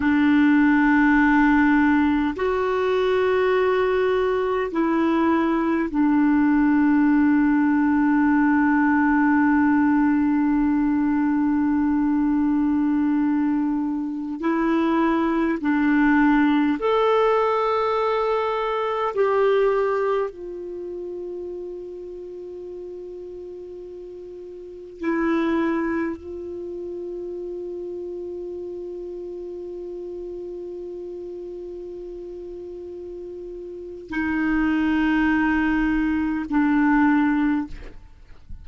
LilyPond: \new Staff \with { instrumentName = "clarinet" } { \time 4/4 \tempo 4 = 51 d'2 fis'2 | e'4 d'2.~ | d'1~ | d'16 e'4 d'4 a'4.~ a'16~ |
a'16 g'4 f'2~ f'8.~ | f'4~ f'16 e'4 f'4.~ f'16~ | f'1~ | f'4 dis'2 d'4 | }